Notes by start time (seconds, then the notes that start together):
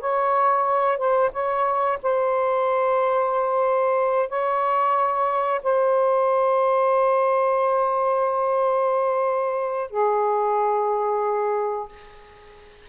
0.00 C#5
0.97 C5
1.32 C#5
2.02 C5
4.29 C#5
5.63 C5
9.91 G#4